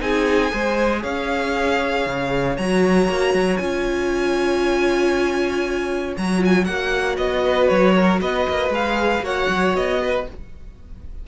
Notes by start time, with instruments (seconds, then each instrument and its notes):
0.00 cello C4, viola D#4, violin G#4 G#5
0.50 cello G#3, viola G#4, violin C5
1.02 cello C#4, violin C#5 F5
2.06 cello C#3
2.57 cello F#3, viola F#4, violin A#5
3.09 cello A#3
3.34 cello F#3
3.57 cello C#4, viola F4, violin G#5
6.17 cello F#3, viola F#4, violin A#5
6.38 viola F4
6.45 violin G#5
6.65 cello A#3, viola F#4, violin F#5
7.17 cello B3, violin D#5
7.44 violin B4
7.68 cello F#3, violin C#5
7.95 violin A#4
8.21 cello B3, violin B4 D#5
8.49 cello A#3
8.69 cello G#3, viola G#4, violin F5
9.21 cello A#3, viola F#4, violin C#5 F#5
9.48 cello F#3
9.75 cello B3, violin D#5
10.02 violin B4